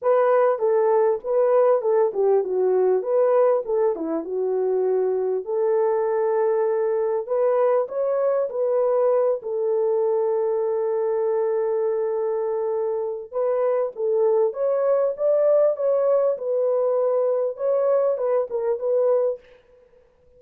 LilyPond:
\new Staff \with { instrumentName = "horn" } { \time 4/4 \tempo 4 = 99 b'4 a'4 b'4 a'8 g'8 | fis'4 b'4 a'8 e'8 fis'4~ | fis'4 a'2. | b'4 cis''4 b'4. a'8~ |
a'1~ | a'2 b'4 a'4 | cis''4 d''4 cis''4 b'4~ | b'4 cis''4 b'8 ais'8 b'4 | }